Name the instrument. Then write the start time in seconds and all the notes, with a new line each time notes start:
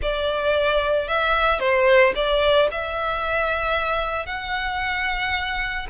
violin
0.01 D5
1.08 E5
1.59 C5
2.15 D5
2.71 E5
4.26 F#5